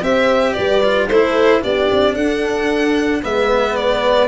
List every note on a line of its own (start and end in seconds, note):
0.00 0.55 C4
0.00 0.82 G4
0.00 0.54 C5
0.00 0.53 E5
0.53 1.09 G3
0.53 1.08 B4
0.53 1.06 D5
0.83 1.10 F4
1.08 1.63 A3
1.08 1.61 E4
1.08 1.62 A4
1.08 1.62 C5
1.61 1.91 B3
1.61 3.22 D4
1.61 2.14 G4
1.61 2.15 D5
1.91 2.16 C4
2.14 3.23 D4
2.14 3.21 A4
2.14 3.22 F#5
3.22 4.28 G#3
3.22 4.28 B3
3.22 4.28 B4
3.22 3.76 E5
3.76 4.28 D5